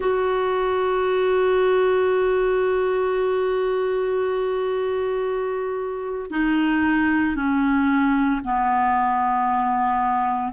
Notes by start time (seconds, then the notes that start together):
0.00 F#4
6.30 D#4
7.35 C#4
8.44 B3